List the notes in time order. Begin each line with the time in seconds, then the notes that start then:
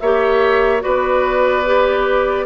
0.00 A#3 G4 C#5 E5
0.80 B3 F#4 B4 D5
1.66 G4